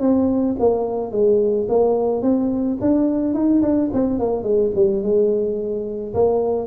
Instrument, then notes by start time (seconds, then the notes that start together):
tuba
0.00 C4
0.59 A#3
1.11 G#3
1.69 A#3
2.22 C4
2.81 D4
3.34 D#4
3.62 D4
3.93 C4
4.19 A#3
4.43 G#3
4.75 G3
5.02 G#3
6.14 A#3